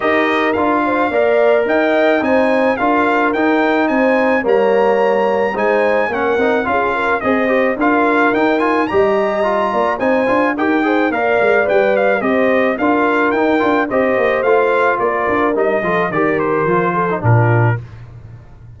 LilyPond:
<<
  \new Staff \with { instrumentName = "trumpet" } { \time 4/4 \tempo 4 = 108 dis''4 f''2 g''4 | gis''4 f''4 g''4 gis''4 | ais''2 gis''4 fis''4 | f''4 dis''4 f''4 g''8 gis''8 |
ais''2 gis''4 g''4 | f''4 g''8 f''8 dis''4 f''4 | g''4 dis''4 f''4 d''4 | dis''4 d''8 c''4. ais'4 | }
  \new Staff \with { instrumentName = "horn" } { \time 4/4 ais'4. c''8 d''4 dis''4 | c''4 ais'2 c''4 | cis''2 c''4 ais'4 | gis'8 ais'8 c''4 ais'2 |
dis''4. d''8 c''4 ais'8 c''8 | d''2 c''4 ais'4~ | ais'4 c''2 ais'4~ | ais'8 a'8 ais'4. a'8 f'4 | }
  \new Staff \with { instrumentName = "trombone" } { \time 4/4 g'4 f'4 ais'2 | dis'4 f'4 dis'2 | ais2 dis'4 cis'8 dis'8 | f'4 gis'8 g'8 f'4 dis'8 f'8 |
g'4 f'4 dis'8 f'8 g'8 gis'8 | ais'4 b'4 g'4 f'4 | dis'8 f'8 g'4 f'2 | dis'8 f'8 g'4 f'8. dis'16 d'4 | }
  \new Staff \with { instrumentName = "tuba" } { \time 4/4 dis'4 d'4 ais4 dis'4 | c'4 d'4 dis'4 c'4 | g2 gis4 ais8 c'8 | cis'4 c'4 d'4 dis'4 |
g4. ais8 c'8 d'8 dis'4 | ais8 gis8 g4 c'4 d'4 | dis'8 d'8 c'8 ais8 a4 ais8 d'8 | g8 f8 dis4 f4 ais,4 | }
>>